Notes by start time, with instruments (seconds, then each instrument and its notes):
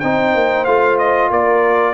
0.00 tuba C4, trombone D#4, horn C5, trumpet G5
0.35 tuba A#3
0.65 tuba A3, trombone F4, trumpet F5
0.98 trumpet D#5
1.30 tuba A#3, horn A#4, trumpet D5